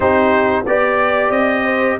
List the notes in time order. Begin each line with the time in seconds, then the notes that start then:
0.00 C4 D#4 G4 C5
0.66 B3 G4 D5
1.30 C4 D#5
1.63 C5